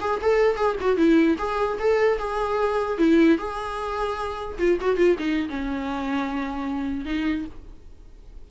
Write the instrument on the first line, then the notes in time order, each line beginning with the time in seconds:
viola
0.00 G#4
0.21 A4
0.56 G#4
0.80 F#4
0.96 E4
1.38 G#4
1.79 A4
2.18 G#4
2.98 E4
3.38 G#4
4.58 F4
4.81 F#4
4.96 F4
5.18 D#4
5.49 C#4
7.05 D#4